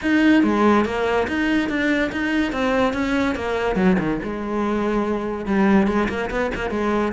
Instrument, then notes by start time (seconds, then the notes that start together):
cello
0.02 D#4
0.43 G#3
0.85 A#3
1.27 D#4
1.69 D4
2.12 D#4
2.52 C4
2.93 C#4
3.35 A#3
3.75 F#3
3.99 D#3
4.23 G#3
5.45 G3
5.87 G#3
6.08 A#3
6.30 B3
6.54 A#3
6.70 G#3